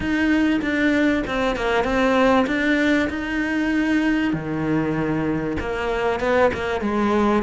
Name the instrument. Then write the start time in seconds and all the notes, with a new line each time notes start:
cello
0.00 D#4
0.61 D4
1.27 C4
1.55 A#3
1.84 C4
2.47 D4
3.09 D#4
4.33 D#3
5.60 A#3
6.19 B3
6.54 A#3
6.80 G#3